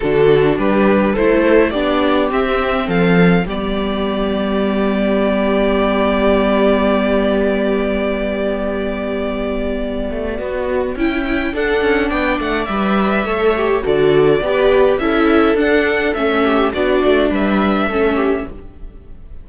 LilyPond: <<
  \new Staff \with { instrumentName = "violin" } { \time 4/4 \tempo 4 = 104 a'4 b'4 c''4 d''4 | e''4 f''4 d''2~ | d''1~ | d''1~ |
d''2. g''4 | fis''4 g''8 fis''8 e''2 | d''2 e''4 fis''4 | e''4 d''4 e''2 | }
  \new Staff \with { instrumentName = "viola" } { \time 4/4 fis'4 g'4 a'4 g'4~ | g'4 a'4 g'2~ | g'1~ | g'1~ |
g'2 fis'4 e'4 | a'4 d''2 cis''4 | a'4 b'4 a'2~ | a'8 g'8 fis'4 b'4 a'8 g'8 | }
  \new Staff \with { instrumentName = "viola" } { \time 4/4 d'2 e'4 d'4 | c'2 b2~ | b1~ | b1~ |
b2. e'4 | d'2 b'4 a'8 g'8 | fis'4 g'4 e'4 d'4 | cis'4 d'2 cis'4 | }
  \new Staff \with { instrumentName = "cello" } { \time 4/4 d4 g4 a4 b4 | c'4 f4 g2~ | g1~ | g1~ |
g4. a8 b4 cis'4 | d'8 cis'8 b8 a8 g4 a4 | d4 b4 cis'4 d'4 | a4 b8 a8 g4 a4 | }
>>